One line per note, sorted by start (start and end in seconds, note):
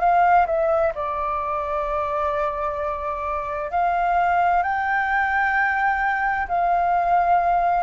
0.00 0.46 F5
0.47 0.93 E5
0.95 3.70 D5
3.70 4.62 F5
4.62 6.47 G5
6.48 7.83 F5